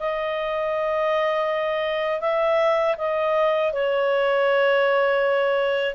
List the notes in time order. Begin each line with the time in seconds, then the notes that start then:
0.00 D#5
2.21 E5
2.98 D#5
3.73 C#5